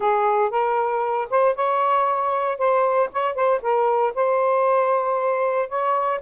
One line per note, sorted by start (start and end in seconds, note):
0.00 0.50 G#4
0.50 1.28 A#4
1.30 1.55 C5
1.55 2.58 C#5
2.58 3.09 C5
3.12 3.35 C#5
3.35 3.60 C5
3.62 4.13 A#4
4.14 5.68 C5
5.68 6.20 C#5